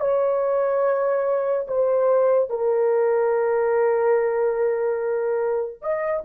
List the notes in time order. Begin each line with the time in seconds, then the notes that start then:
0.00 C#5
1.68 C5
2.50 A#4
5.81 D#5